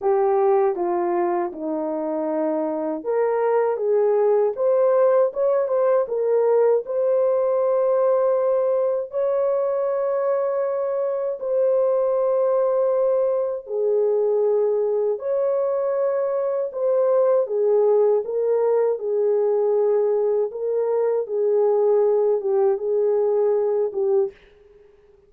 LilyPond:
\new Staff \with { instrumentName = "horn" } { \time 4/4 \tempo 4 = 79 g'4 f'4 dis'2 | ais'4 gis'4 c''4 cis''8 c''8 | ais'4 c''2. | cis''2. c''4~ |
c''2 gis'2 | cis''2 c''4 gis'4 | ais'4 gis'2 ais'4 | gis'4. g'8 gis'4. g'8 | }